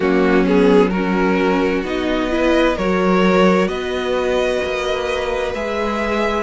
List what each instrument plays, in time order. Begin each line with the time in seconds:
0.00 cello F#3, viola A#3, violin C#4 F#4
0.45 viola B3, violin G#4
0.90 viola C#4, violin F#4 A#4
1.82 cello B3, viola D#4, violin D#5
2.29 viola E4, violin B4
2.76 cello F#3, viola F#4, violin A#4 C#5
3.67 cello B3, violin B4 D#5
4.64 cello A#3
5.54 cello G#3, viola G#4, violin E5